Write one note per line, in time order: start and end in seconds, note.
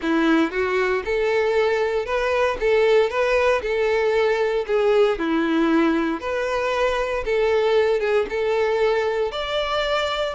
0.01 0.51 E4
0.51 1.03 F#4
1.04 2.05 A4
2.05 2.57 B4
2.60 3.09 A4
3.09 3.61 B4
3.62 4.65 A4
4.66 5.18 G#4
5.18 6.20 E4
6.20 7.24 B4
7.25 8.00 A4
8.00 8.25 G#4
8.29 9.31 A4
9.31 10.34 D5